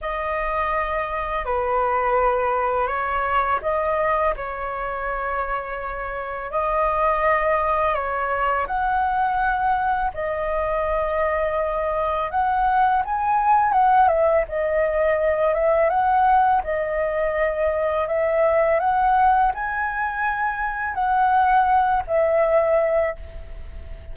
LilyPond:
\new Staff \with { instrumentName = "flute" } { \time 4/4 \tempo 4 = 83 dis''2 b'2 | cis''4 dis''4 cis''2~ | cis''4 dis''2 cis''4 | fis''2 dis''2~ |
dis''4 fis''4 gis''4 fis''8 e''8 | dis''4. e''8 fis''4 dis''4~ | dis''4 e''4 fis''4 gis''4~ | gis''4 fis''4. e''4. | }